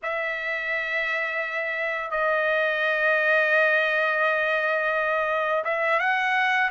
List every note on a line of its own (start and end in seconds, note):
0.02 2.10 E5
2.10 5.63 D#5
5.64 5.99 E5
5.99 6.70 F#5